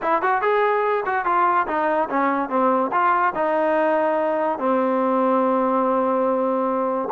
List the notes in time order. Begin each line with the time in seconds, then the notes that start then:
0.02 E4
0.22 F#4
0.41 G#4
1.05 F#4
1.25 F4
1.67 D#4
2.09 C#4
2.49 C4
2.91 F4
3.34 D#4
4.59 C4